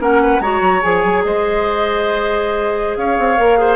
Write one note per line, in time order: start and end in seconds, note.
0.00 0.40 A#3
0.00 0.41 C#4
0.00 0.22 A#4
0.00 0.41 F#5
0.23 0.42 B4
0.40 0.61 G#3
0.40 0.82 F#4
0.40 1.24 C#5
0.40 0.82 A#5
0.61 0.82 F#3
0.82 1.05 F3
0.82 3.37 G#4
0.82 1.23 G#5
1.05 1.24 F#3
1.24 2.97 G#3
1.24 2.99 C5
1.24 2.97 D#5
2.97 3.18 C#4
2.97 3.60 C#5
2.97 3.77 F5
3.19 3.39 C4
3.37 3.77 A#3
3.37 3.58 A#4
3.58 3.77 G#4
3.58 3.77 C5